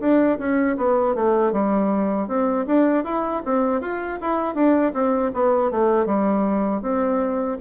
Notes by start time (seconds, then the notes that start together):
0.00 D4
0.39 C#4
0.77 B3
1.15 A3
1.52 G3
2.28 C4
2.67 D4
3.04 E4
3.45 C4
3.81 F4
4.21 E4
4.54 D4
4.93 C4
5.34 B3
5.71 A3
6.06 G3
6.82 C4